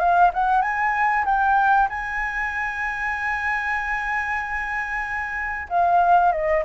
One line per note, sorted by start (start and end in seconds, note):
0.00 0.32 F5
0.34 0.62 F#5
0.62 1.25 G#5
1.26 1.89 G5
1.90 5.69 G#5
5.70 6.33 F5
6.33 6.64 D#5